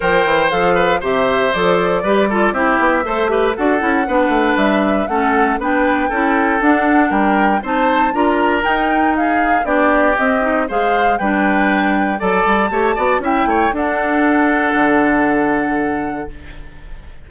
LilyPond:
<<
  \new Staff \with { instrumentName = "flute" } { \time 4/4 \tempo 4 = 118 g''4 f''4 e''4 d''4~ | d''4 e''2 fis''4~ | fis''4 e''4 fis''4 g''4~ | g''4 fis''4 g''4 a''4 |
ais''4 g''4 f''4 d''4 | dis''4 f''4 g''2 | a''2 g''4 fis''4~ | fis''1 | }
  \new Staff \with { instrumentName = "oboe" } { \time 4/4 c''4. b'8 c''2 | b'8 a'8 g'4 c''8 b'8 a'4 | b'2 a'4 b'4 | a'2 ais'4 c''4 |
ais'2 gis'4 g'4~ | g'4 c''4 b'2 | d''4 cis''8 d''8 e''8 cis''8 a'4~ | a'1 | }
  \new Staff \with { instrumentName = "clarinet" } { \time 4/4 ais'4 a'4 g'4 a'4 | g'8 f'8 e'4 a'8 g'8 fis'8 e'8 | d'2 cis'4 d'4 | e'4 d'2 dis'4 |
f'4 dis'2 d'4 | c'8 dis'8 gis'4 d'2 | a'4 g'8 fis'8 e'4 d'4~ | d'1 | }
  \new Staff \with { instrumentName = "bassoon" } { \time 4/4 f8 e8 f4 c4 f4 | g4 c'8 b8 a4 d'8 cis'8 | b8 a8 g4 a4 b4 | cis'4 d'4 g4 c'4 |
d'4 dis'2 b4 | c'4 gis4 g2 | fis8 g8 a8 b8 cis'8 a8 d'4~ | d'4 d2. | }
>>